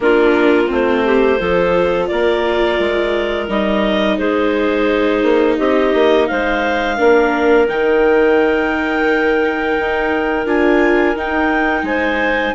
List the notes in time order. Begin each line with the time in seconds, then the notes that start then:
0.00 A#3 D4 F4 A#4
0.66 A3 C4 C5
1.05 G4
1.39 F3 F4 A4
2.07 A#3 A#4 D5
2.79 G#3
3.48 G3 D#4 D#5
4.18 G#3 G#4 C5
5.22 A#3
5.57 C4 G4 D#5
5.94 A#3
6.27 G#3 C5 F5
6.97 A#3 D4 A#4
7.67 D#3 D#4 G5
9.79 D#4
10.45 D4 F4 G#5
11.15 D#4 G5
11.82 G#3 C5 G#5